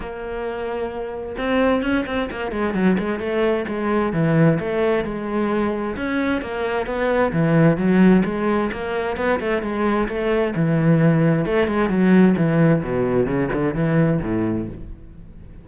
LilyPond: \new Staff \with { instrumentName = "cello" } { \time 4/4 \tempo 4 = 131 ais2. c'4 | cis'8 c'8 ais8 gis8 fis8 gis8 a4 | gis4 e4 a4 gis4~ | gis4 cis'4 ais4 b4 |
e4 fis4 gis4 ais4 | b8 a8 gis4 a4 e4~ | e4 a8 gis8 fis4 e4 | b,4 cis8 d8 e4 a,4 | }